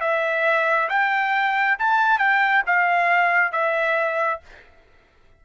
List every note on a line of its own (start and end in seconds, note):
0.00 0.88 E5
0.89 1.77 G5
1.78 2.18 A5
2.18 2.62 G5
2.66 3.52 F5
3.52 4.40 E5